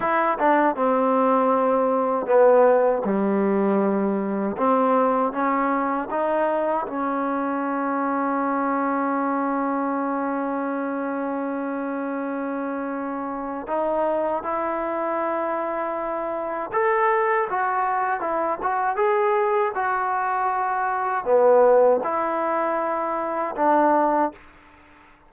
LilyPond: \new Staff \with { instrumentName = "trombone" } { \time 4/4 \tempo 4 = 79 e'8 d'8 c'2 b4 | g2 c'4 cis'4 | dis'4 cis'2.~ | cis'1~ |
cis'2 dis'4 e'4~ | e'2 a'4 fis'4 | e'8 fis'8 gis'4 fis'2 | b4 e'2 d'4 | }